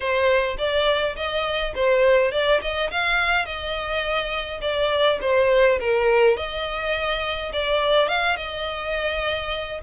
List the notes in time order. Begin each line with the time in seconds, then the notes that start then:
0.00 C5
0.58 D5
1.15 D#5
1.75 C5
2.31 D5
2.61 D#5
2.91 F5
3.45 D#5
4.61 D5
5.21 C5
5.80 A#4
6.36 D#5
7.52 D5
8.08 F5
8.36 D#5